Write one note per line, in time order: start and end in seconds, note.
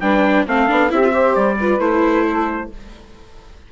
0.00 0.46 G3
0.00 0.47 D4
0.00 0.46 B4
0.00 0.45 G5
0.46 0.69 A3
0.46 0.67 C4
0.46 0.91 A4
0.46 0.91 F5
0.67 0.91 B3
0.67 0.89 D4
0.89 1.36 C4
0.89 1.01 E4
0.89 1.11 G4
0.89 1.35 E5
1.03 1.12 F4
1.11 1.57 G4
1.11 1.56 C5
1.35 1.79 G3
1.35 1.80 D5
1.59 1.80 F4
1.59 2.26 B4
1.79 2.69 A3
1.79 2.70 E4
1.79 2.70 C5
2.26 2.72 A4